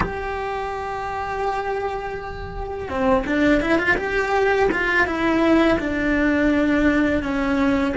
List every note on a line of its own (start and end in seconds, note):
0.00 2.88 G4
2.88 3.25 C4
3.26 3.61 D4
3.61 3.78 E4
3.78 3.96 F4
3.97 4.69 G4
4.71 5.06 F4
5.06 5.78 E4
5.79 7.22 D4
7.22 7.95 C#4